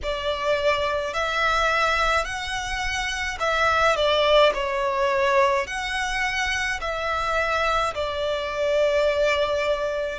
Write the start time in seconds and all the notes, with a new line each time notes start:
0.03 D5
1.13 E5
2.24 F#5
3.40 E5
3.96 D5
4.53 C#5
5.66 F#5
6.80 E5
7.94 D5